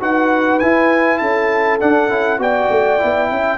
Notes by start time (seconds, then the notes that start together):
0.00 D#4 F#4 B4 F#5
0.59 E4 G#5
1.18 C#4 A4 A5
1.80 D4 F#5
2.09 C#4 E4
2.38 B3 F#4 D5 G5
2.70 A3
2.99 B3 E4
3.31 C#4 E5